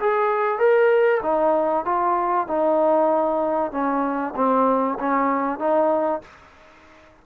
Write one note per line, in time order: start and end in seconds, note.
0.00 0.59 G#4
0.59 1.21 A#4
1.23 1.85 D#4
1.85 2.47 F4
2.48 3.72 D#4
3.72 4.34 C#4
4.36 4.99 C4
4.99 5.59 C#4
5.59 6.22 D#4